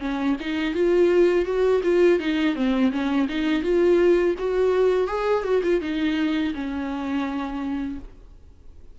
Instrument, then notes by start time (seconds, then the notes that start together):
viola
0.00 C#4
0.40 D#4
0.74 F4
1.46 F#4
1.83 F4
2.20 D#4
2.56 C4
2.92 C#4
3.29 D#4
3.63 F4
4.39 F#4
5.08 G#4
5.44 F#4
5.63 F4
5.81 D#4
6.54 C#4